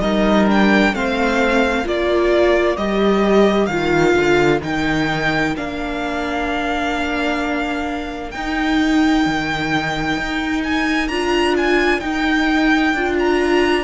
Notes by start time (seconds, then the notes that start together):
0.00 G3 D#4 A#4 D#5
0.48 D4 G5
0.93 A3 C4 C5 F5
1.84 A#3 F4 A#4 D5
2.77 G3 G4 D#5
3.66 D#3 F4 F5
4.15 D3
4.61 D#3 D#4 G5
5.56 A#3 D4 F5
8.31 D#4 G5
9.26 D#3
10.17 D#4
10.64 G#5
11.08 D4 F4 A#5
11.57 G#5
12.00 D#4 G5
12.93 D4 F4
13.19 A#5